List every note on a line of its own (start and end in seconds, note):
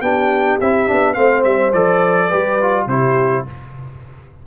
0.00 0.57 B3
0.00 0.60 D4
0.00 1.16 G4
0.00 0.58 G5
0.60 0.88 C4
0.60 0.87 E4
0.60 1.13 E5
0.87 1.16 B3
0.87 1.13 D4
1.13 1.44 A3
1.13 1.71 C4
1.13 2.27 C5
1.13 1.42 F5
1.44 1.73 G3
1.44 1.72 E5
1.72 2.30 F3
1.72 2.30 A4
1.72 2.87 D5
2.27 2.86 G3
2.27 2.58 G4
2.27 2.85 B4
2.61 2.89 F4
2.86 3.43 C3
2.86 3.46 E4
2.86 3.45 G4
2.86 3.45 C5